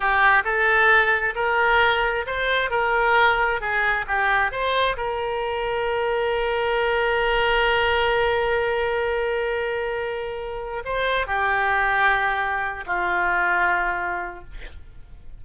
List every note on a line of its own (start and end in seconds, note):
0.00 0.43 G4
0.44 1.34 A4
1.35 2.25 A#4
2.26 2.70 C5
2.70 3.60 A#4
3.60 4.05 G#4
4.07 4.51 G4
4.51 4.96 C5
4.96 10.83 A#4
10.84 11.27 C5
11.27 12.84 G4
12.86 14.44 F4